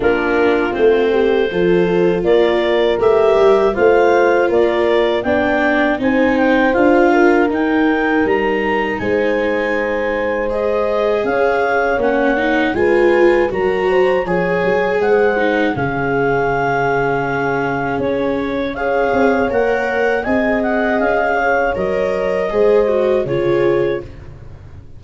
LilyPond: <<
  \new Staff \with { instrumentName = "clarinet" } { \time 4/4 \tempo 4 = 80 ais'4 c''2 d''4 | e''4 f''4 d''4 g''4 | gis''8 g''8 f''4 g''4 ais''4 | gis''2 dis''4 f''4 |
fis''4 gis''4 ais''4 gis''4 | fis''4 f''2. | cis''4 f''4 fis''4 gis''8 fis''8 | f''4 dis''2 cis''4 | }
  \new Staff \with { instrumentName = "horn" } { \time 4/4 f'4. g'8 a'4 ais'4~ | ais'4 c''4 ais'4 d''4 | c''4. ais'2~ ais'8 | c''2. cis''4~ |
cis''4 b'4 ais'8 c''8 cis''4 | c''4 gis'2.~ | gis'4 cis''2 dis''4~ | dis''8 cis''4. c''4 gis'4 | }
  \new Staff \with { instrumentName = "viola" } { \time 4/4 d'4 c'4 f'2 | g'4 f'2 d'4 | dis'4 f'4 dis'2~ | dis'2 gis'2 |
cis'8 dis'8 f'4 fis'4 gis'4~ | gis'8 dis'8 cis'2.~ | cis'4 gis'4 ais'4 gis'4~ | gis'4 ais'4 gis'8 fis'8 f'4 | }
  \new Staff \with { instrumentName = "tuba" } { \time 4/4 ais4 a4 f4 ais4 | a8 g8 a4 ais4 b4 | c'4 d'4 dis'4 g4 | gis2. cis'4 |
ais4 gis4 fis4 f8 fis8 | gis4 cis2. | cis'4. c'8 ais4 c'4 | cis'4 fis4 gis4 cis4 | }
>>